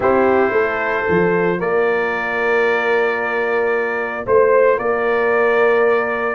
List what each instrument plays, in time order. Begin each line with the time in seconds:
0.00 tuba C4, trombone E4, horn G4, trumpet C5
0.51 tuba A3, horn A4
1.06 tuba F3, trombone F4
1.59 tuba A#3, horn A#4, trumpet D5
4.26 tuba A3, horn C5, trumpet C5
4.76 tuba A#3, horn A#4, trumpet D5